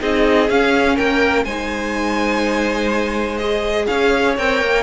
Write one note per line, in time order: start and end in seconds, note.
0.00 0.50 C4
0.00 0.48 D#4
0.00 0.95 G#4
0.00 0.49 D#5
0.49 0.98 C#4
0.49 1.47 C#4
0.49 0.97 F5
0.95 1.45 A#3
0.95 1.44 A#4
0.95 1.45 G5
1.45 3.87 G#3
1.45 3.40 D#4
1.45 3.87 C5
1.45 3.37 G#5
3.37 4.37 G#4
3.37 3.86 D#5
3.87 4.38 C#4
3.87 4.83 C#5
3.87 4.35 F5
4.38 4.61 C4
4.38 4.83 A#4
4.38 4.83 G5
4.61 4.83 A#3